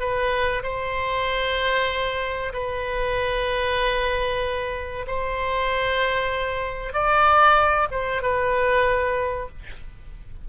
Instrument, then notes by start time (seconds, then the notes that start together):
oboe
0.00 B4
0.63 C5
2.53 B4
5.08 C5
6.94 D5
7.91 C5
8.22 B4